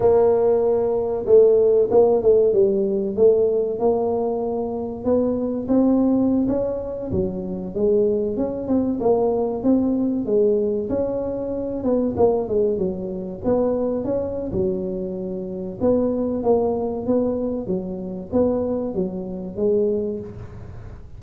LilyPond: \new Staff \with { instrumentName = "tuba" } { \time 4/4 \tempo 4 = 95 ais2 a4 ais8 a8 | g4 a4 ais2 | b4 c'4~ c'16 cis'4 fis8.~ | fis16 gis4 cis'8 c'8 ais4 c'8.~ |
c'16 gis4 cis'4. b8 ais8 gis16~ | gis16 fis4 b4 cis'8. fis4~ | fis4 b4 ais4 b4 | fis4 b4 fis4 gis4 | }